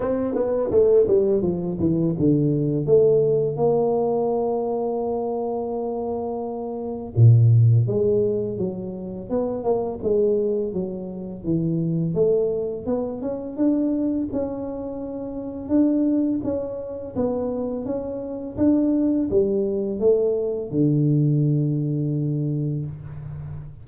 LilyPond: \new Staff \with { instrumentName = "tuba" } { \time 4/4 \tempo 4 = 84 c'8 b8 a8 g8 f8 e8 d4 | a4 ais2.~ | ais2 ais,4 gis4 | fis4 b8 ais8 gis4 fis4 |
e4 a4 b8 cis'8 d'4 | cis'2 d'4 cis'4 | b4 cis'4 d'4 g4 | a4 d2. | }